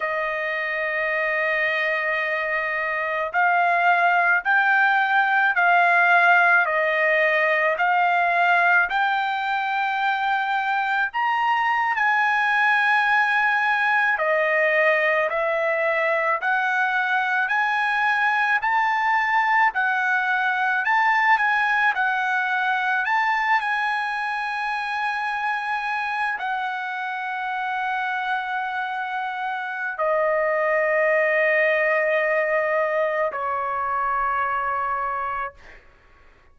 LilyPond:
\new Staff \with { instrumentName = "trumpet" } { \time 4/4 \tempo 4 = 54 dis''2. f''4 | g''4 f''4 dis''4 f''4 | g''2 ais''8. gis''4~ gis''16~ | gis''8. dis''4 e''4 fis''4 gis''16~ |
gis''8. a''4 fis''4 a''8 gis''8 fis''16~ | fis''8. a''8 gis''2~ gis''8 fis''16~ | fis''2. dis''4~ | dis''2 cis''2 | }